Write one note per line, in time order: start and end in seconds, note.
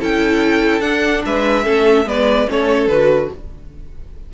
0.00 0.80 C#4
0.00 0.81 E4
0.00 1.24 A4
0.00 0.81 G5
0.80 1.22 D4
0.80 1.64 D4
0.80 1.22 F#5
1.25 1.67 G#3
1.25 1.64 B4
1.25 2.08 E5
1.64 2.06 A3
1.64 2.05 C#4
1.64 2.06 A4
2.05 2.47 G#3
2.05 2.47 B3
2.05 2.50 B4
2.05 2.49 D5
2.48 2.87 A3
2.48 2.89 C#4
2.48 3.33 A4
2.48 2.88 C#5
2.87 3.29 D3
2.87 3.33 F#4
2.87 3.29 B4